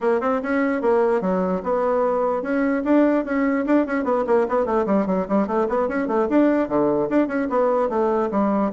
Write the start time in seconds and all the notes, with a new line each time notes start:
0.00 A#3
0.20 C4
0.42 C#4
0.81 A#3
1.21 F#3
1.63 B3
2.42 C#4
2.84 D4
3.24 C#4
3.66 D4
3.86 C#4
4.04 B3
4.26 A#3
4.48 B3
4.65 A3
4.86 G3
5.06 F#3
5.28 G3
5.47 A3
5.68 B3
5.88 C#4
6.07 A3
6.29 D4
6.68 D3
7.09 D4
7.27 C#4
7.49 B3
7.89 A3
8.31 G3